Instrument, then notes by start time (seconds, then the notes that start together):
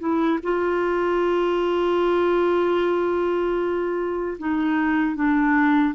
clarinet
0.00 E4
0.44 F4
4.39 D#4
5.16 D4